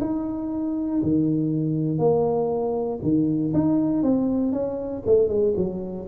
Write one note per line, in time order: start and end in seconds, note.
0.00 1.01 D#4
1.02 1.98 D#3
1.98 2.99 A#3
3.02 3.52 D#3
3.53 4.02 D#4
4.02 4.52 C4
4.52 5.03 C#4
5.06 5.28 A3
5.28 5.53 G#3
5.56 6.07 F#3